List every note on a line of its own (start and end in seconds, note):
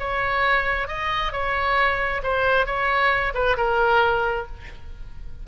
0.00 0.88 C#5
0.88 1.33 D#5
1.33 2.22 C#5
2.24 2.66 C5
2.66 3.34 C#5
3.35 3.57 B4
3.57 4.47 A#4